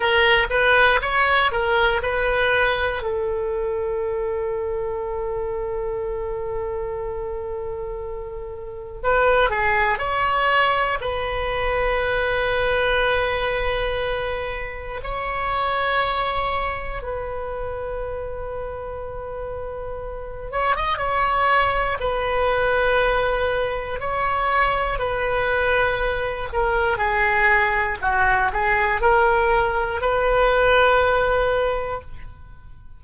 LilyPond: \new Staff \with { instrumentName = "oboe" } { \time 4/4 \tempo 4 = 60 ais'8 b'8 cis''8 ais'8 b'4 a'4~ | a'1~ | a'4 b'8 gis'8 cis''4 b'4~ | b'2. cis''4~ |
cis''4 b'2.~ | b'8 cis''16 dis''16 cis''4 b'2 | cis''4 b'4. ais'8 gis'4 | fis'8 gis'8 ais'4 b'2 | }